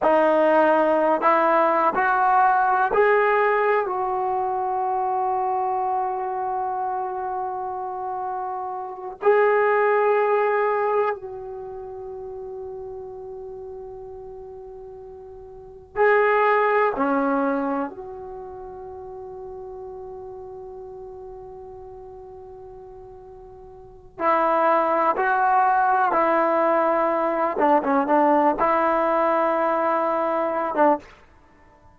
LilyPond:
\new Staff \with { instrumentName = "trombone" } { \time 4/4 \tempo 4 = 62 dis'4~ dis'16 e'8. fis'4 gis'4 | fis'1~ | fis'4. gis'2 fis'8~ | fis'1~ |
fis'8 gis'4 cis'4 fis'4.~ | fis'1~ | fis'4 e'4 fis'4 e'4~ | e'8 d'16 cis'16 d'8 e'2~ e'16 d'16 | }